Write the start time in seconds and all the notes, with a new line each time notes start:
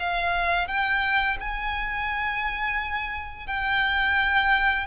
0.00 F5
0.68 G5
1.40 G#5
3.47 G5